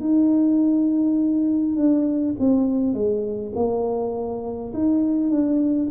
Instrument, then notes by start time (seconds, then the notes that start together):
tuba
0.00 D#4
1.76 D4
2.39 C4
2.94 G#3
3.55 A#3
4.73 D#4
5.30 D4